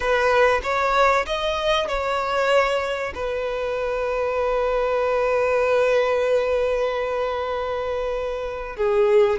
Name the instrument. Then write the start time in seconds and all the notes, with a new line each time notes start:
violin
0.00 B4
0.62 C#5
1.26 D#5
1.88 C#5
3.14 B4
8.76 G#4